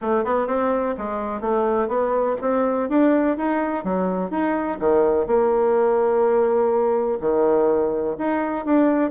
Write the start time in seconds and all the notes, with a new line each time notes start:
0.01 A3
0.24 B3
0.47 C4
0.97 G#3
1.40 A3
1.88 B3
2.41 C4
2.89 D4
3.37 D#4
3.84 F#3
4.30 D#4
4.79 D#3
5.27 A#3
7.20 D#3
8.18 D#4
8.65 D4